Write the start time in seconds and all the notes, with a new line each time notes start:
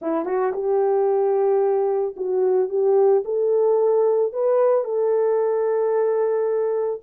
0.01 E4
0.25 F#4
0.53 G4
2.16 F#4
2.69 G4
3.24 A4
4.32 B4
4.84 A4